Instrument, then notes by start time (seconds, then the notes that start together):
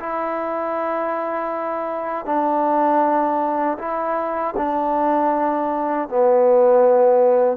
trombone
0.00 E4
2.26 D4
3.79 E4
4.57 D4
6.09 B3